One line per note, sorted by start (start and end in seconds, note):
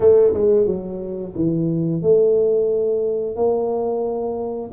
0.00 0.33 A3
0.33 0.66 G#3
0.66 1.33 F#3
1.35 2.02 E3
2.02 3.36 A3
3.36 4.70 A#3